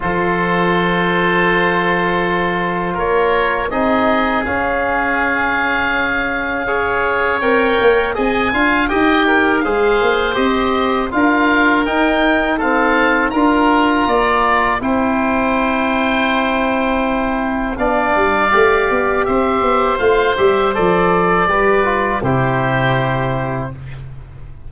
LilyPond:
<<
  \new Staff \with { instrumentName = "oboe" } { \time 4/4 \tempo 4 = 81 c''1 | cis''4 dis''4 f''2~ | f''2 g''4 gis''4 | g''4 f''4 dis''4 f''4 |
g''4 f''4 ais''2 | g''1 | f''2 e''4 f''8 e''8 | d''2 c''2 | }
  \new Staff \with { instrumentName = "oboe" } { \time 4/4 a'1 | ais'4 gis'2.~ | gis'4 cis''2 dis''8 f''8 | dis''8 ais'8 c''2 ais'4~ |
ais'4 a'4 ais'4 d''4 | c''1 | d''2 c''2~ | c''4 b'4 g'2 | }
  \new Staff \with { instrumentName = "trombone" } { \time 4/4 f'1~ | f'4 dis'4 cis'2~ | cis'4 gis'4 ais'4 gis'8 f'8 | g'4 gis'4 g'4 f'4 |
dis'4 c'4 f'2 | e'1 | d'4 g'2 f'8 g'8 | a'4 g'8 f'8 e'2 | }
  \new Staff \with { instrumentName = "tuba" } { \time 4/4 f1 | ais4 c'4 cis'2~ | cis'2 c'8 ais8 c'8 d'8 | dis'4 gis8 ais8 c'4 d'4 |
dis'2 d'4 ais4 | c'1 | b8 g8 a8 b8 c'8 b8 a8 g8 | f4 g4 c2 | }
>>